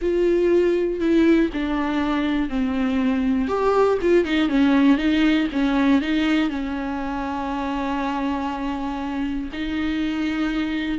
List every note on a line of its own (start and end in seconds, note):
0.01 1.00 F4
1.00 1.50 E4
1.52 2.49 D4
2.49 3.47 C4
3.47 3.97 G4
4.01 4.24 F4
4.24 4.49 D#4
4.49 4.97 C#4
4.97 5.47 D#4
5.52 6.01 C#4
6.01 6.49 D#4
6.49 9.49 C#4
9.53 10.98 D#4